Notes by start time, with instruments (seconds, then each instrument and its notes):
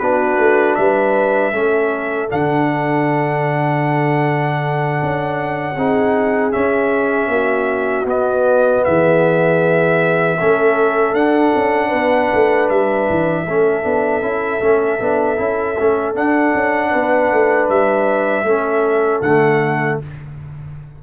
0.00 tuba B3, trombone D4, horn F#4, trumpet B4
0.39 tuba A3
0.75 tuba G3, horn B4, trumpet E5
1.53 tuba A3, trombone C#4, horn A4
2.29 tuba D3, trombone D4, trumpet F#5
5.03 tuba C#4
5.77 tuba C4, trombone D#4, horn G#4
6.52 trombone C#4, tuba C#4, trumpet E5
7.28 tuba A#3, horn F#4
8.05 tuba B3, trombone B3, trumpet D#5
8.85 tuba E3, horn G#4, trumpet E5
10.39 tuba A3, trombone C#4, horn A4
11.14 tuba D4, trombone D4, trumpet F#5
11.56 tuba C#4
11.88 tuba B3, horn B4
12.34 tuba A3
12.70 tuba G3, trumpet E5
13.10 tuba E3
13.45 tuba A3, trombone C#4, horn A4
13.83 tuba B3, trombone D4
14.22 tuba C#4, trombone E4
14.62 tuba A3, trombone C#4
15.00 tuba B3, trombone D4
15.37 tuba C#4, trombone E4
15.80 tuba A3, trombone C#4
16.15 tuba D4, trombone D4, trumpet F#5
16.55 tuba C#4
16.91 tuba B3, horn B4
17.32 tuba A3
17.70 tuba G3, trumpet E5
18.44 tuba A3, trombone C#4, horn A4
19.22 tuba D3, trombone A3, trumpet F#5